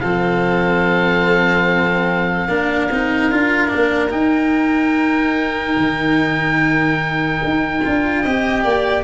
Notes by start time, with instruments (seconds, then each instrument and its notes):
0.00 tuba F3, cello C4, violin A4, oboe F5
2.48 tuba A#3, cello D4, violin A#4
2.91 tuba C4, cello D#4
3.31 tuba D4, cello F4
3.68 cello D4
3.75 tuba A#3
4.10 cello D#4, tuba D#4, oboe G5
5.77 tuba D#3
7.44 tuba D#4
7.84 tuba D4, cello F4
8.22 tuba C4, cello G4, violin D#5
8.63 tuba A#3, violin D5